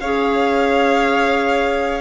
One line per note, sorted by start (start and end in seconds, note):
0.00 2.01 C#4
0.00 2.01 G#4
0.00 2.01 C#5
0.00 2.01 F5